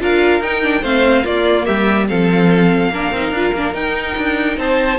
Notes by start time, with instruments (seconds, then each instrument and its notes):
0.00 cello D4, viola F4, violin A#4 F5
0.40 cello D#4, viola D#4, violin G5
0.62 viola D4
0.82 cello A3, viola C4, violin C5 F5
1.24 viola A#3, cello A#3, violin F4 D5
1.66 cello G3, violin G4 E5
2.08 cello F3, viola C4, violin A4 F5
2.90 cello A#3, viola D4, violin A#4
3.12 cello C4, viola D#4
3.31 cello D4, viola F4
3.54 cello A#3, viola D4
3.73 viola D#4, cello D#4, violin G5
4.17 cello D4
4.57 cello C4, violin C5 A5